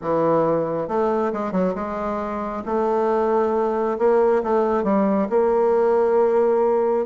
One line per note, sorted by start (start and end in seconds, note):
0.01 0.88 E3
0.88 1.32 A3
1.33 1.52 G#3
1.52 1.74 F#3
1.74 2.63 G#3
2.65 3.97 A3
3.98 4.42 A#3
4.43 4.83 A3
4.83 5.27 G3
5.29 7.05 A#3